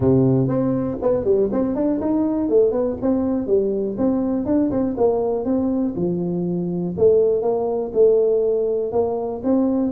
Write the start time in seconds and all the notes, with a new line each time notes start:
0.00 C3
0.48 C4
1.02 B3
1.24 G3
1.52 C4
1.75 D4
2.00 D#4
2.49 A3
2.71 B3
3.01 C4
3.47 G3
3.97 C4
4.45 D4
4.71 C4
4.97 A#3
5.44 C4
5.95 F3
6.97 A3
7.41 A#3
7.93 A3
8.92 A#3
9.43 C4